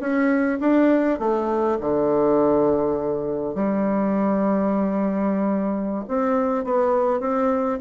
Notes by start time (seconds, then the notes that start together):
0.00 C#4
0.60 D4
1.19 A3
1.80 D3
3.55 G3
6.07 C4
6.64 B3
7.20 C4